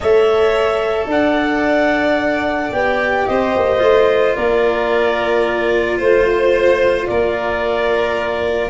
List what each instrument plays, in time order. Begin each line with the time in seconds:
0.00 tuba A3, cello A4, violin C#5, clarinet E5
1.06 tuba D4, violin D5, clarinet F#5
2.72 tuba B3, cello G4, clarinet G5
3.26 tuba C4, violin C5, clarinet D#5
3.56 tuba A#3
3.78 tuba A3, cello F4
4.35 tuba A#3, violin A#4, clarinet D5
5.98 tuba A3, violin C5, clarinet C5
7.06 tuba A#3, violin A#4, clarinet D5